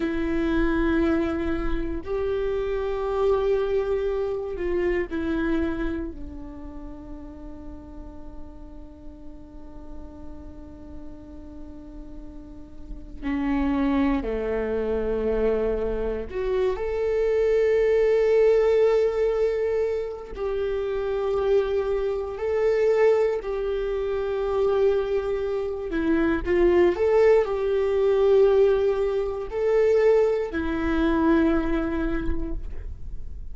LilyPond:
\new Staff \with { instrumentName = "viola" } { \time 4/4 \tempo 4 = 59 e'2 g'2~ | g'8 f'8 e'4 d'2~ | d'1~ | d'4 cis'4 a2 |
fis'8 a'2.~ a'8 | g'2 a'4 g'4~ | g'4. e'8 f'8 a'8 g'4~ | g'4 a'4 e'2 | }